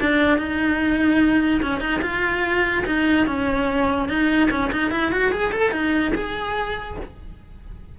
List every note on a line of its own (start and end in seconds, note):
0.00 0.38 D4
0.38 1.61 D#4
1.62 1.80 C#4
1.80 2.01 D#4
2.02 2.84 F4
2.86 3.27 D#4
3.27 4.08 C#4
4.08 4.49 D#4
4.50 4.71 C#4
4.72 4.91 D#4
4.91 5.12 E4
5.12 5.32 F#4
5.32 5.52 G#4
5.52 5.71 A4
5.71 6.12 D#4
6.15 6.97 G#4